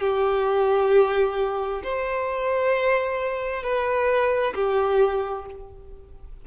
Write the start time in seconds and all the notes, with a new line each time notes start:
0.00 G4
1.83 C5
3.63 B4
4.54 G4